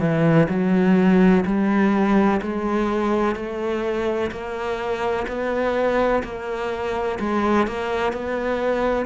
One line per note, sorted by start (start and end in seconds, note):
0.00 0.48 E3
0.49 1.45 F#3
1.45 2.41 G3
2.42 3.35 G#3
3.35 4.31 A3
4.31 5.26 A#3
5.28 6.23 B3
6.23 7.19 A#3
7.20 7.68 G#3
7.68 8.13 A#3
8.13 9.06 B3